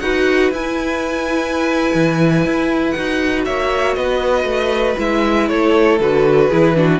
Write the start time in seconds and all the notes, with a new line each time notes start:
0.00 D#4 F#4 B4 F#5
0.52 E4 G#5
1.94 E3
2.45 E4
2.91 D#4 F#5
2.97 F#4
3.45 A#3 C#5 E5
3.94 B3 B4 D#5
4.44 A3
4.97 G#3 E4 E5
5.49 A3 A4 C#5
6.00 D3 F#4 B4
6.48 E3 E4 G#4
6.75 D4 F#4